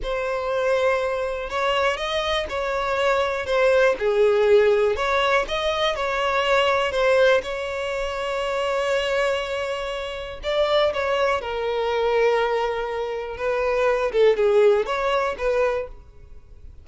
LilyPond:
\new Staff \with { instrumentName = "violin" } { \time 4/4 \tempo 4 = 121 c''2. cis''4 | dis''4 cis''2 c''4 | gis'2 cis''4 dis''4 | cis''2 c''4 cis''4~ |
cis''1~ | cis''4 d''4 cis''4 ais'4~ | ais'2. b'4~ | b'8 a'8 gis'4 cis''4 b'4 | }